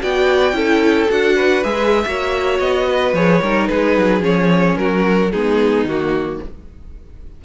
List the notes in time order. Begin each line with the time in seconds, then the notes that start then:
0.00 B3 F#4 D5 G5
0.52 C#4 E4 A4
1.09 D4 F#4 F#5
1.36 B4
1.63 G#3 G#4 E5
2.05 A#3 F#4 C#5
2.59 B3 D#5
2.88 B4
3.13 F3 G#4 C#5
3.41 G3 D#4 A#4
3.67 G#3 G#4 B4
3.97 F#3
4.20 F3 C#4 C#5
4.77 F#3 F#4 A#4
5.31 G#3 B3 D#4 G#4
5.84 D#3 A#3 F#4